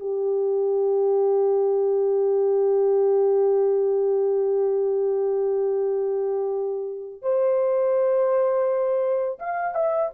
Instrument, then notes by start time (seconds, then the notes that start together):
horn
0.00 G4
7.22 C5
9.39 F5
9.75 E5